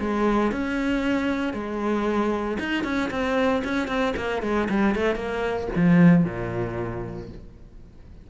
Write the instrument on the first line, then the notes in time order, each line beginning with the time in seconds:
cello
0.00 G#3
0.52 C#4
1.54 G#3
2.59 D#4
2.84 C#4
3.10 C4
3.64 C#4
3.88 C4
4.17 A#3
4.42 G#3
4.70 G3
4.95 A3
5.16 A#3
5.76 F3
6.25 A#2